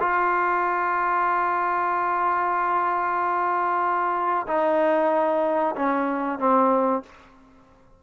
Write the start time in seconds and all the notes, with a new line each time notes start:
0.00 F4
4.48 D#4
5.76 C#4
6.39 C4